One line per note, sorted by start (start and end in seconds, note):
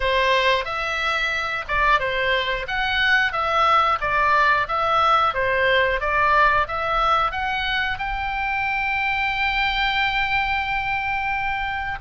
0.00 0.65 C5
0.65 1.65 E5
1.68 1.99 D5
1.99 2.66 C5
2.67 3.32 F#5
3.32 3.98 E5
4.00 4.67 D5
4.68 5.34 E5
5.34 6.00 C5
6.00 6.67 D5
6.67 7.31 E5
7.31 7.98 F#5
7.98 11.98 G5